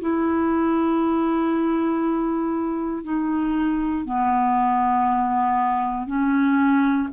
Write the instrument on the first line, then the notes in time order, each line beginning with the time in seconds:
clarinet
0.00 E4
3.03 D#4
4.05 B3
6.06 C#4